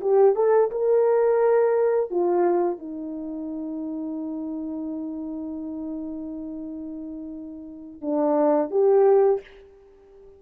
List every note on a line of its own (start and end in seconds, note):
0.00 0.35 G4
0.35 0.70 A4
0.71 2.10 A#4
2.10 2.78 F4
2.78 8.01 D#4
8.01 8.70 D4
8.70 9.40 G4